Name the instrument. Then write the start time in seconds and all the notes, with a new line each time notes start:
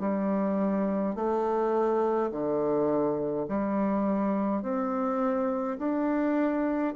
bassoon
0.00 G3
1.15 A3
2.31 D3
3.48 G3
4.63 C4
5.78 D4